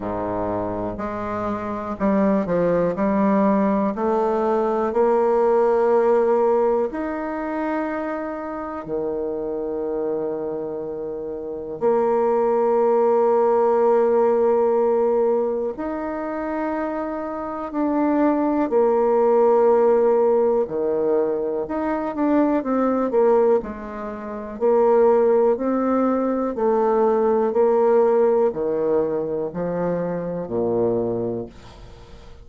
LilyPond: \new Staff \with { instrumentName = "bassoon" } { \time 4/4 \tempo 4 = 61 gis,4 gis4 g8 f8 g4 | a4 ais2 dis'4~ | dis'4 dis2. | ais1 |
dis'2 d'4 ais4~ | ais4 dis4 dis'8 d'8 c'8 ais8 | gis4 ais4 c'4 a4 | ais4 dis4 f4 ais,4 | }